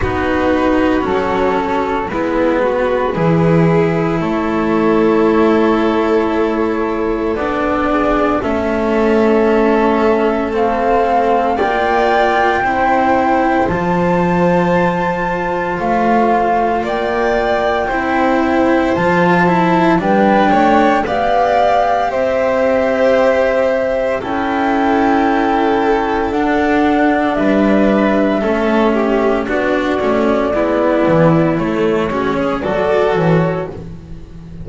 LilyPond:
<<
  \new Staff \with { instrumentName = "flute" } { \time 4/4 \tempo 4 = 57 b'4 a'4 b'2 | cis''2. d''4 | e''2 f''4 g''4~ | g''4 a''2 f''4 |
g''2 a''4 g''4 | f''4 e''2 g''4~ | g''4 fis''4 e''2 | d''2 cis''4 d''8 cis''8 | }
  \new Staff \with { instrumentName = "violin" } { \time 4/4 fis'2 e'8 fis'8 gis'4 | a'2.~ a'8 gis'8 | a'2. d''4 | c''1 |
d''4 c''2 b'8 cis''8 | d''4 c''2 a'4~ | a'2 b'4 a'8 g'8 | fis'4 e'4. fis'16 gis'16 a'4 | }
  \new Staff \with { instrumentName = "cello" } { \time 4/4 dis'4 cis'4 b4 e'4~ | e'2. d'4 | cis'2 c'4 f'4 | e'4 f'2.~ |
f'4 e'4 f'8 e'8 d'4 | g'2. e'4~ | e'4 d'2 cis'4 | d'8 cis'8 b4 a8 cis'8 fis'4 | }
  \new Staff \with { instrumentName = "double bass" } { \time 4/4 b4 fis4 gis4 e4 | a2. b4 | a2. ais4 | c'4 f2 a4 |
ais4 c'4 f4 g8 a8 | b4 c'2 cis'4~ | cis'4 d'4 g4 a4 | b8 a8 gis8 e8 a8 gis8 fis8 e8 | }
>>